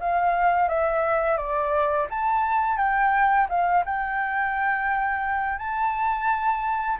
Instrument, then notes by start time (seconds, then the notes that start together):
flute
0.00 F5
0.68 E5
1.37 D5
2.10 A5
2.77 G5
3.49 F5
3.85 G5
5.58 A5